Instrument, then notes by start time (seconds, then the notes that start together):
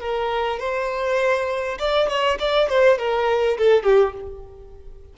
violin
0.00 A#4
0.60 C5
1.79 D5
2.09 C#5
2.40 D5
2.69 C5
2.98 A#4
3.58 A4
3.84 G4